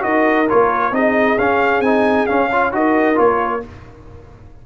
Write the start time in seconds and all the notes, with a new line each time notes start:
0.00 D#4 F#4 A#4 D#5
0.49 A#3 F4 C#5
0.91 C4 D#4 G#4 D#5
1.38 C#4 F5
1.80 C4 D#4 G#5
2.26 C#4 F5
2.50 F4 C#5
2.72 D#4 F#4 A#4 D#5
3.15 A#3 F4 C#5